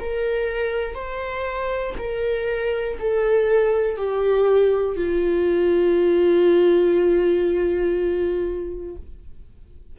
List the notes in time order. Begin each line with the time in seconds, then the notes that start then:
0.00 A#4
0.95 C5
1.98 A#4
3.00 A4
3.98 G4
4.97 F4